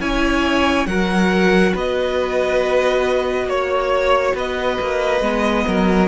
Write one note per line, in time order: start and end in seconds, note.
0.00 0.87 C#4
0.00 0.88 E4
0.00 0.88 C#5
0.00 0.87 G#5
0.87 1.74 F#3
0.87 5.22 F#4
0.87 1.74 A#4
0.87 1.74 F#5
1.74 3.47 B3
1.74 3.47 B4
1.74 3.49 D#5
3.47 4.34 A#3
3.47 4.35 C#5
3.47 4.36 C#5
4.35 4.78 B3
4.35 5.65 B4
4.35 6.08 D#5
4.81 5.21 A#3
5.21 5.65 G#3
5.21 6.08 B3
5.67 6.08 F#3
5.67 6.08 A#4